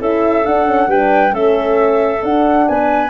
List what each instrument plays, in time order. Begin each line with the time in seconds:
0.00 tuba C#4, horn E4, clarinet A4, flute E5
0.45 horn D4, tuba D4, flute F#5
0.66 horn C#4
0.87 tuba G3, horn D4, clarinet B4, flute G5
1.31 tuba A3, horn C#4, clarinet A4, flute E5
2.22 tuba D4, horn D4, flute F#5
2.68 tuba B3, clarinet B4, flute G#5